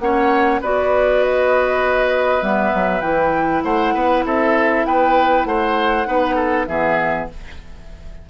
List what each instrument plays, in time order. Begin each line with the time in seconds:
0.00 bassoon A#3, clarinet C#4, oboe C#5, flute F#5
0.61 bassoon B3, clarinet F#4, oboe B4, flute D5
1.23 flute D#5
2.42 bassoon G3, clarinet B3, flute E5
2.74 bassoon F#3
3.02 bassoon E3, clarinet E4, flute G5
3.64 bassoon A3, oboe C5, flute F#5
3.94 bassoon B3, oboe B4
4.25 bassoon C4, oboe A4, flute E5
4.85 bassoon B3, oboe B4, flute G5
5.45 bassoon A3, oboe C5, flute F#5
6.06 bassoon B3, clarinet D#4, oboe B4
6.36 oboe A4
6.67 bassoon E3, clarinet B3, oboe G#4, flute E5